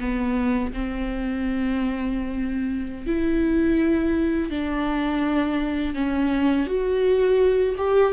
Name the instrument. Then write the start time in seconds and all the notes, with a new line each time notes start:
viola
0.00 B3
0.73 C4
3.07 E4
4.51 D4
5.94 C#4
6.67 F#4
7.77 G4